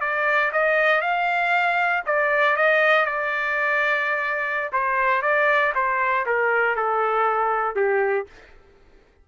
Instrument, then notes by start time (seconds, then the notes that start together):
trumpet
0.00 D5
0.52 D#5
1.01 F5
2.06 D5
2.56 D#5
3.05 D5
4.72 C5
5.22 D5
5.75 C5
6.25 A#4
6.76 A4
7.75 G4